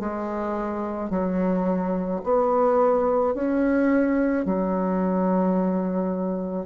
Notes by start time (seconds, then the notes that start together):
0.00 G#3
1.10 F#3
2.24 B3
3.35 C#4
4.45 F#3